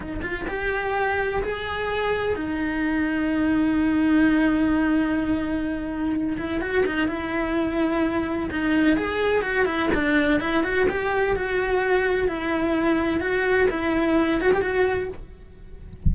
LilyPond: \new Staff \with { instrumentName = "cello" } { \time 4/4 \tempo 4 = 127 dis'8 f'8 g'2 gis'4~ | gis'4 dis'2.~ | dis'1~ | dis'4. e'8 fis'8 dis'8 e'4~ |
e'2 dis'4 gis'4 | fis'8 e'8 d'4 e'8 fis'8 g'4 | fis'2 e'2 | fis'4 e'4. fis'16 g'16 fis'4 | }